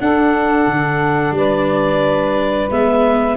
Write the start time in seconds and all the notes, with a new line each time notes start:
0.00 D4 A4 F#5
0.67 D3
1.31 G3 B4 D5
2.71 G#3 B3 E5